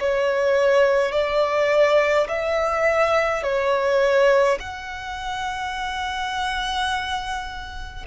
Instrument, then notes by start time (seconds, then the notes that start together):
violin
0.00 C#5
1.12 D5
2.29 E5
3.43 C#5
4.60 F#5